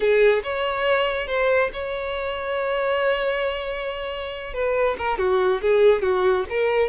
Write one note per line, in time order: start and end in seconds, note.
0.00 0.42 G#4
0.43 1.27 C#5
1.27 1.70 C5
1.73 4.53 C#5
4.53 4.96 B4
4.98 5.18 A#4
5.18 5.61 F#4
5.61 6.01 G#4
6.01 6.45 F#4
6.49 6.89 A#4